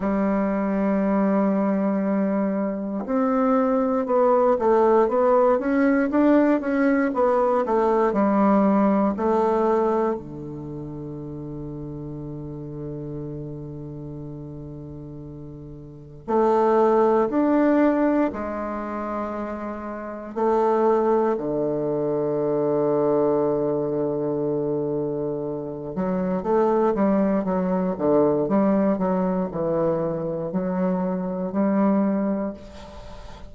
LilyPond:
\new Staff \with { instrumentName = "bassoon" } { \time 4/4 \tempo 4 = 59 g2. c'4 | b8 a8 b8 cis'8 d'8 cis'8 b8 a8 | g4 a4 d2~ | d1 |
a4 d'4 gis2 | a4 d2.~ | d4. fis8 a8 g8 fis8 d8 | g8 fis8 e4 fis4 g4 | }